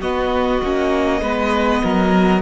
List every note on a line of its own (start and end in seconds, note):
0.00 0.62 B3
0.00 1.20 F#4
0.00 2.41 D#5
0.62 1.21 A#3
0.62 1.23 C#4
1.21 1.81 G#3
1.21 2.42 B3
1.21 1.82 B4
1.83 2.42 F#3
1.83 2.42 A#4